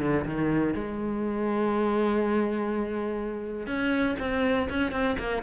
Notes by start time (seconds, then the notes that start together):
0.00 D3
0.25 D#3
0.74 G#3
3.66 C#4
4.19 C4
4.69 C#4
4.92 C4
5.19 A#3